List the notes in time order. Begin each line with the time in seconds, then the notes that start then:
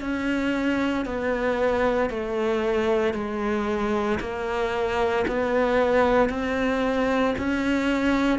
0.00 C#4
1.05 B3
2.10 A3
3.13 G#3
4.20 A#3
5.27 B3
6.29 C4
7.38 C#4